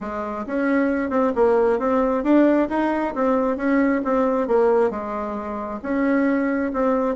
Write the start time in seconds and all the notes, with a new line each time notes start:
0.00 G#3
0.46 C#4
1.10 C4
1.35 A#3
1.79 C4
2.23 D4
2.69 D#4
3.14 C4
3.56 C#4
4.04 C4
4.47 A#3
4.90 G#3
5.82 C#4
6.73 C4